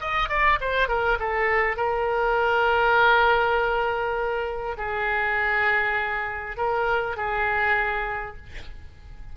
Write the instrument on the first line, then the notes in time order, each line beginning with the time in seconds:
oboe
0.00 D#5
0.29 D5
0.60 C5
0.88 A#4
1.19 A4
1.76 A#4
4.77 G#4
6.57 A#4
7.16 G#4